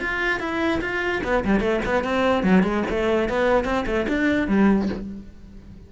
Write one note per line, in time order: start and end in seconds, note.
0.00 0.40 F4
0.40 0.81 E4
0.81 1.22 F4
1.24 1.44 B3
1.45 1.60 G3
1.60 1.81 A3
1.86 2.04 B3
2.04 2.44 C4
2.44 2.63 F#3
2.63 2.84 G#3
2.90 3.29 A3
3.29 3.65 B3
3.65 3.85 C4
3.86 4.07 A3
4.09 4.48 D4
4.48 4.89 G3